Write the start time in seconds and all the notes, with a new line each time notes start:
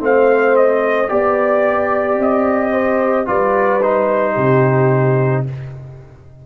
0.00 A3 C4 C5 F5
0.57 D#5
1.09 B3 G4 D5
2.19 C4 D#5
2.72 C5
3.26 G3 F4 B4 D5
3.83 D#4 C5
4.35 C3 G4